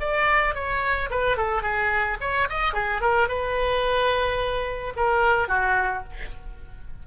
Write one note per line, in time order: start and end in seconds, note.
0.00 0.55 D5
0.55 1.10 C#5
1.10 1.37 B4
1.37 1.62 A4
1.62 2.17 G#4
2.21 2.48 C#5
2.50 2.73 D#5
2.73 3.01 G#4
3.01 3.29 A#4
3.29 4.94 B4
4.96 5.48 A#4
5.48 6.04 F#4